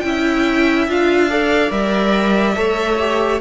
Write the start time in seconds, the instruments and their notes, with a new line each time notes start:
0.00 cello C#4, viola E4, violin E5 G5
0.87 cello D4, viola F4, violin F5
1.29 viola A4, violin D5
1.69 cello G3, viola A#4, violin E5
2.55 cello A3, viola A4, violin C#5
2.98 viola G4